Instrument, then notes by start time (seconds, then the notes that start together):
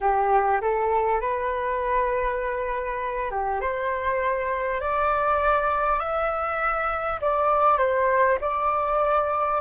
flute
0.01 G4
0.61 A4
1.20 B4
3.30 G4
3.60 C5
4.81 D5
5.99 E5
7.21 D5
7.78 C5
8.40 D5